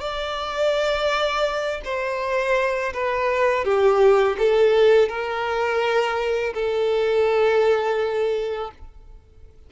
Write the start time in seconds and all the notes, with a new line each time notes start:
0.00 D5
1.84 C5
2.93 B4
3.64 G4
4.38 A4
5.09 A#4
6.54 A4